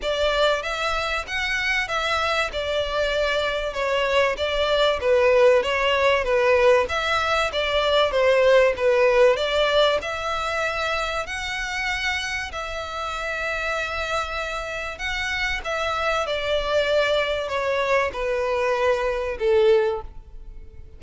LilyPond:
\new Staff \with { instrumentName = "violin" } { \time 4/4 \tempo 4 = 96 d''4 e''4 fis''4 e''4 | d''2 cis''4 d''4 | b'4 cis''4 b'4 e''4 | d''4 c''4 b'4 d''4 |
e''2 fis''2 | e''1 | fis''4 e''4 d''2 | cis''4 b'2 a'4 | }